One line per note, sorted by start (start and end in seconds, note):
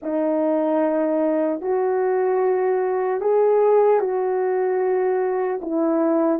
0.02 1.61 D#4
1.61 3.20 F#4
3.20 4.00 G#4
4.00 5.60 F#4
5.61 6.39 E4